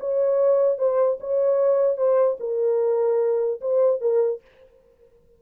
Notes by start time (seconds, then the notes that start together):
0.00 C#5
0.79 C5
1.21 C#5
1.97 C5
2.40 A#4
3.61 C5
4.01 A#4